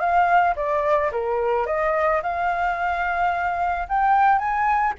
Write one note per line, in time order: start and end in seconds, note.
0.00 0.55 F5
0.56 1.11 D5
1.12 1.67 A#4
1.67 2.22 D#5
2.23 3.88 F5
3.89 4.39 G5
4.39 4.94 G#5